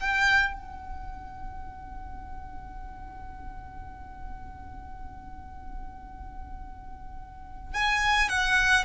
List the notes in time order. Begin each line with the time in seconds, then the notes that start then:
0.00 G5
0.54 F#5
7.74 G#5
8.29 F#5